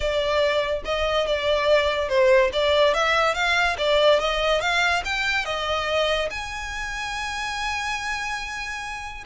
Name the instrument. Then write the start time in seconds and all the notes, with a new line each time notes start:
violin
0.00 D5
0.84 D#5
1.27 D5
2.09 C5
2.52 D5
2.94 E5
3.34 F5
3.78 D5
4.19 D#5
4.60 F5
5.04 G5
5.45 D#5
6.30 G#5